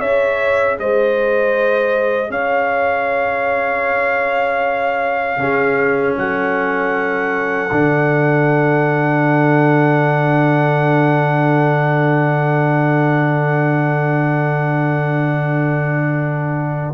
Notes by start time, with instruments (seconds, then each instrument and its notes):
0.00 tuba C#4, trombone G#4, horn C#5, trumpet E5
0.78 tuba G#3, horn C5, trumpet D#5
2.30 tuba C#4, horn C#5, trumpet F5
5.37 tuba C#3, trombone C#4, horn G#4
6.17 tuba F#3, horn A4, trumpet F#5
7.71 tuba D3, trombone D4